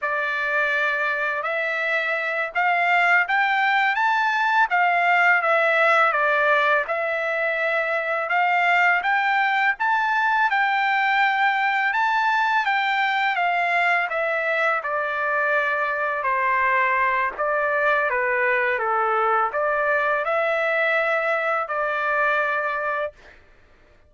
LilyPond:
\new Staff \with { instrumentName = "trumpet" } { \time 4/4 \tempo 4 = 83 d''2 e''4. f''8~ | f''8 g''4 a''4 f''4 e''8~ | e''8 d''4 e''2 f''8~ | f''8 g''4 a''4 g''4.~ |
g''8 a''4 g''4 f''4 e''8~ | e''8 d''2 c''4. | d''4 b'4 a'4 d''4 | e''2 d''2 | }